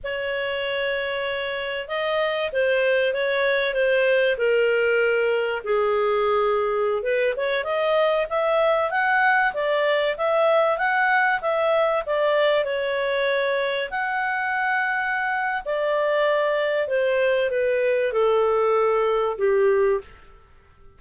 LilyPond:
\new Staff \with { instrumentName = "clarinet" } { \time 4/4 \tempo 4 = 96 cis''2. dis''4 | c''4 cis''4 c''4 ais'4~ | ais'4 gis'2~ gis'16 b'8 cis''16~ | cis''16 dis''4 e''4 fis''4 d''8.~ |
d''16 e''4 fis''4 e''4 d''8.~ | d''16 cis''2 fis''4.~ fis''16~ | fis''4 d''2 c''4 | b'4 a'2 g'4 | }